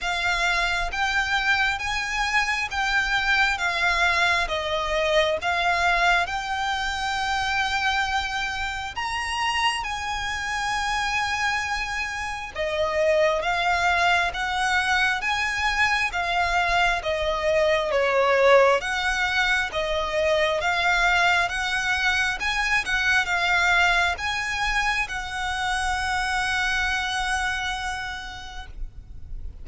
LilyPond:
\new Staff \with { instrumentName = "violin" } { \time 4/4 \tempo 4 = 67 f''4 g''4 gis''4 g''4 | f''4 dis''4 f''4 g''4~ | g''2 ais''4 gis''4~ | gis''2 dis''4 f''4 |
fis''4 gis''4 f''4 dis''4 | cis''4 fis''4 dis''4 f''4 | fis''4 gis''8 fis''8 f''4 gis''4 | fis''1 | }